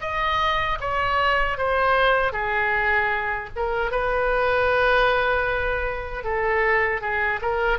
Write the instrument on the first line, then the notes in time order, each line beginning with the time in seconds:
oboe
0.00 D#5
0.80 C#5
1.57 C5
2.32 G#4
3.56 A#4
3.91 B4
6.23 A4
7.01 G#4
7.41 A#4